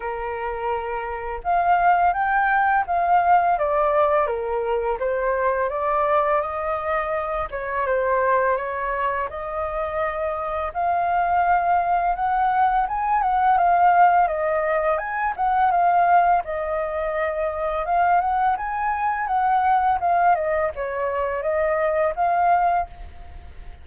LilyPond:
\new Staff \with { instrumentName = "flute" } { \time 4/4 \tempo 4 = 84 ais'2 f''4 g''4 | f''4 d''4 ais'4 c''4 | d''4 dis''4. cis''8 c''4 | cis''4 dis''2 f''4~ |
f''4 fis''4 gis''8 fis''8 f''4 | dis''4 gis''8 fis''8 f''4 dis''4~ | dis''4 f''8 fis''8 gis''4 fis''4 | f''8 dis''8 cis''4 dis''4 f''4 | }